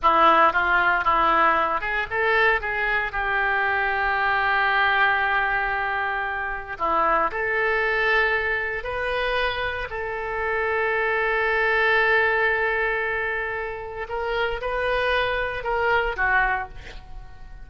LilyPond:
\new Staff \with { instrumentName = "oboe" } { \time 4/4 \tempo 4 = 115 e'4 f'4 e'4. gis'8 | a'4 gis'4 g'2~ | g'1~ | g'4 e'4 a'2~ |
a'4 b'2 a'4~ | a'1~ | a'2. ais'4 | b'2 ais'4 fis'4 | }